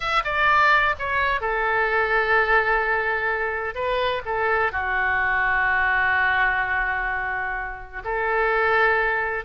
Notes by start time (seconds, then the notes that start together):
0.00 E5
0.24 D5
0.98 C#5
1.40 A4
3.74 B4
4.25 A4
4.72 F#4
8.04 A4